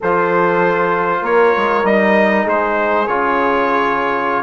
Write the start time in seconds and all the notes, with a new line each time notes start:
0.00 F3 F4 A4 C5
1.21 A#3 A#4 C#5
1.56 G#3
1.83 G3 D#4 D#5
2.43 G#3 G#4 C5
3.07 C#3 F4 C#5